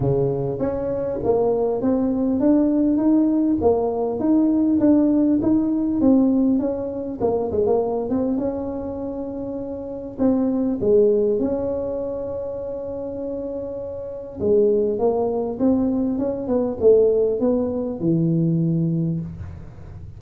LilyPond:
\new Staff \with { instrumentName = "tuba" } { \time 4/4 \tempo 4 = 100 cis4 cis'4 ais4 c'4 | d'4 dis'4 ais4 dis'4 | d'4 dis'4 c'4 cis'4 | ais8 gis16 ais8. c'8 cis'2~ |
cis'4 c'4 gis4 cis'4~ | cis'1 | gis4 ais4 c'4 cis'8 b8 | a4 b4 e2 | }